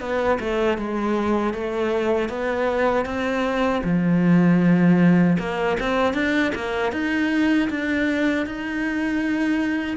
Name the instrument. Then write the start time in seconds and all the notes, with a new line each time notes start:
cello
0.00 B3
0.40 A3
0.78 G#3
1.53 A3
2.29 B3
3.05 C4
3.84 F3
5.38 A#3
5.80 C4
6.14 D4
6.55 A#3
6.92 D#4
7.70 D4
8.46 D#4